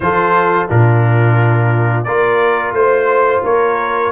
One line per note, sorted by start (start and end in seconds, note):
0.00 0.69 F3
0.00 0.68 F4
0.00 0.69 A4
0.00 0.69 C5
0.68 2.06 A#2
0.68 2.06 D4
0.68 2.05 F4
0.68 2.03 A#4
2.03 2.71 A#3
2.03 4.11 F4
2.03 2.74 A#4
2.03 2.72 D5
2.71 3.40 A3
2.71 3.43 C5
2.71 3.44 C5
3.43 4.11 A#3
3.43 4.11 A#4
3.43 4.11 C#5